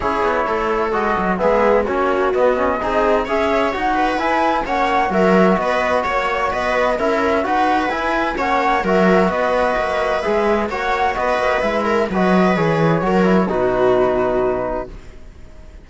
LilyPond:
<<
  \new Staff \with { instrumentName = "flute" } { \time 4/4 \tempo 4 = 129 cis''2 dis''4 e''4 | cis''4 dis''2 e''4 | fis''4 gis''4 fis''4 e''4 | dis''4 cis''4 dis''4 e''4 |
fis''4 gis''4 fis''4 e''4 | dis''2 e''4 fis''4 | dis''4 e''4 dis''4 cis''4~ | cis''4 b'2. | }
  \new Staff \with { instrumentName = "viola" } { \time 4/4 gis'4 a'2 gis'4 | fis'2 gis'4 cis''4~ | cis''8 b'4. cis''4 ais'4 | b'4 cis''4 b'4 ais'4 |
b'2 cis''4 ais'4 | b'2. cis''4 | b'4. ais'8 b'2 | ais'4 fis'2. | }
  \new Staff \with { instrumentName = "trombone" } { \time 4/4 e'2 fis'4 b4 | cis'4 b8 cis'8 dis'4 gis'4 | fis'4 e'4 cis'4 fis'4~ | fis'2. e'4 |
fis'4 e'4 cis'4 fis'4~ | fis'2 gis'4 fis'4~ | fis'4 e'4 fis'4 gis'4 | fis'8 e'8 dis'2. | }
  \new Staff \with { instrumentName = "cello" } { \time 4/4 cis'8 b8 a4 gis8 fis8 gis4 | ais4 b4 c'4 cis'4 | dis'4 e'4 ais4 fis4 | b4 ais4 b4 cis'4 |
dis'4 e'4 ais4 fis4 | b4 ais4 gis4 ais4 | b8 ais8 gis4 fis4 e4 | fis4 b,2. | }
>>